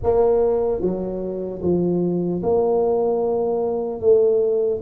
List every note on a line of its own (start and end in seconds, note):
0.03 0.81 A#3
0.81 1.61 F#3
1.62 2.42 F3
2.42 4.00 A#3
4.00 4.80 A3